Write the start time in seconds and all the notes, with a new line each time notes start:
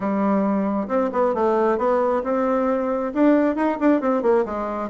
0.00 G3
0.87 C4
1.12 B3
1.34 A3
1.77 B3
2.23 C4
3.14 D4
3.55 D#4
3.79 D4
4.00 C4
4.22 A#3
4.45 G#3